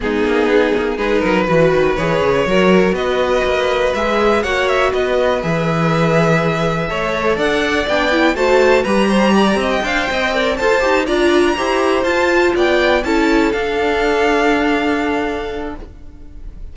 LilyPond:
<<
  \new Staff \with { instrumentName = "violin" } { \time 4/4 \tempo 4 = 122 gis'2 b'2 | cis''2 dis''2 | e''4 fis''8 e''8 dis''4 e''4~ | e''2. fis''4 |
g''4 a''4 ais''4.~ ais''16 g''16~ | g''4. a''4 ais''4.~ | ais''8 a''4 g''4 a''4 f''8~ | f''1 | }
  \new Staff \with { instrumentName = "violin" } { \time 4/4 dis'2 gis'8 ais'8 b'4~ | b'4 ais'4 b'2~ | b'4 cis''4 b'2~ | b'2 cis''4 d''4~ |
d''4 c''4 b'8 c''8 d''8 dis''8 | f''8 dis''8 d''8 c''4 d''4 c''8~ | c''4. d''4 a'4.~ | a'1 | }
  \new Staff \with { instrumentName = "viola" } { \time 4/4 b2 dis'4 fis'4 | gis'4 fis'2. | gis'4 fis'2 gis'4~ | gis'2 a'2 |
d'8 e'8 fis'4 g'2 | c''4 ais'8 a'8 g'8 f'4 g'8~ | g'8 f'2 e'4 d'8~ | d'1 | }
  \new Staff \with { instrumentName = "cello" } { \time 4/4 gis8 ais8 b8 ais8 gis8 fis8 e8 dis8 | e8 cis8 fis4 b4 ais4 | gis4 ais4 b4 e4~ | e2 a4 d'4 |
b4 a4 g4. c'8 | d'8 c'4 f'8 dis'8 d'4 e'8~ | e'8 f'4 b4 cis'4 d'8~ | d'1 | }
>>